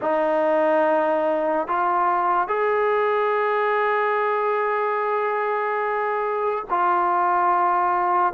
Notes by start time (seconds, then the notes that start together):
0.01 D#4
1.67 F4
2.48 G#4
6.69 F4